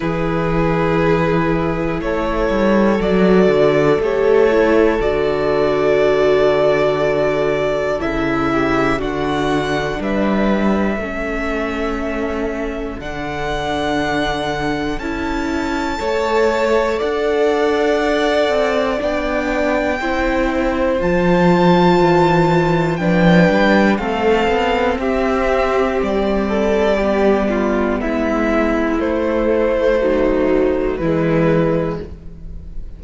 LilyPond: <<
  \new Staff \with { instrumentName = "violin" } { \time 4/4 \tempo 4 = 60 b'2 cis''4 d''4 | cis''4 d''2. | e''4 fis''4 e''2~ | e''4 fis''2 a''4~ |
a''4 fis''2 g''4~ | g''4 a''2 g''4 | f''4 e''4 d''2 | e''4 c''2 b'4 | }
  \new Staff \with { instrumentName = "violin" } { \time 4/4 gis'2 a'2~ | a'1~ | a'8 g'8 fis'4 b'4 a'4~ | a'1 |
cis''4 d''2. | c''2. b'4 | a'4 g'4. a'8 g'8 f'8 | e'2 dis'4 e'4 | }
  \new Staff \with { instrumentName = "viola" } { \time 4/4 e'2. fis'4 | g'8 e'8 fis'2. | e'4 d'2 cis'4~ | cis'4 d'2 e'4 |
a'2. d'4 | e'4 f'2 d'4 | c'2. b4~ | b4 a4 fis4 gis4 | }
  \new Staff \with { instrumentName = "cello" } { \time 4/4 e2 a8 g8 fis8 d8 | a4 d2. | cis4 d4 g4 a4~ | a4 d2 cis'4 |
a4 d'4. c'8 b4 | c'4 f4 e4 f8 g8 | a8 b8 c'4 g2 | gis4 a2 e4 | }
>>